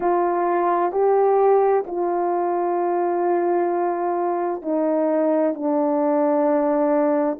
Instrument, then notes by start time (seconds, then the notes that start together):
horn
0.00 F4
0.92 G4
1.87 F4
4.62 D#4
5.53 D4